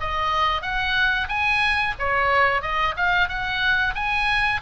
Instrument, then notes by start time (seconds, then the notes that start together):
oboe
0.00 D#5
0.62 F#5
1.28 G#5
1.99 C#5
2.61 D#5
2.96 F5
3.28 F#5
3.95 G#5